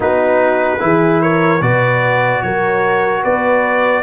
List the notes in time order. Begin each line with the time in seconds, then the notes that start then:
0.00 B3 D#4 F#4 B4
0.79 E3 E4 G#4
1.22 A#4 C#5
1.61 B2 F#4 B4 D5
2.42 F#3 A#4 C#5
3.21 B3 B4 D5